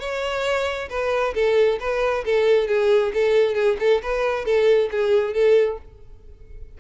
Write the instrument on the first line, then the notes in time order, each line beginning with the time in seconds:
violin
0.00 C#5
0.90 B4
1.35 A4
1.80 B4
2.25 A4
2.68 G#4
3.14 A4
3.55 G#4
3.80 A4
4.02 B4
4.45 A4
4.92 G#4
5.34 A4